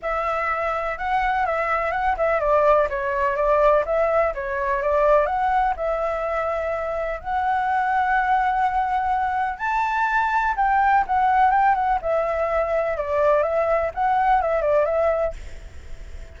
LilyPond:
\new Staff \with { instrumentName = "flute" } { \time 4/4 \tempo 4 = 125 e''2 fis''4 e''4 | fis''8 e''8 d''4 cis''4 d''4 | e''4 cis''4 d''4 fis''4 | e''2. fis''4~ |
fis''1 | a''2 g''4 fis''4 | g''8 fis''8 e''2 d''4 | e''4 fis''4 e''8 d''8 e''4 | }